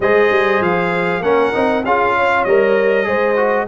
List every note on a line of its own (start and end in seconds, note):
0.00 0.30 G#3
0.00 1.23 G#4
0.00 1.23 C5
0.00 0.62 D#5
0.30 0.60 G3
0.60 1.20 F3
0.60 1.22 F5
1.20 1.51 A#3
1.20 1.53 C#4
1.20 1.84 A#4
1.20 1.84 F#5
1.53 1.84 C4
1.53 1.83 D#4
1.84 2.45 C#4
1.84 2.48 F4
1.84 2.15 G#4
1.84 2.44 F5
2.16 3.07 C#5
2.44 3.07 G3
2.44 3.04 A#4
2.44 3.66 D#5
3.04 3.67 G#3
3.04 3.34 G#4
3.04 3.67 C5
3.36 3.66 F#4